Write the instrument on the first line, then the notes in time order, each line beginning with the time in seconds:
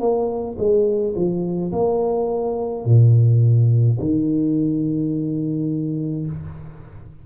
tuba
0.00 A#3
0.58 G#3
1.15 F3
1.72 A#3
2.85 A#2
4.00 D#3